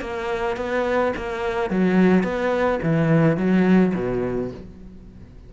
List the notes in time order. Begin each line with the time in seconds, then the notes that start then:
0.00 A#3
0.56 B3
1.16 A#3
1.69 F#3
2.23 B3
2.82 E3
3.36 F#3
3.94 B2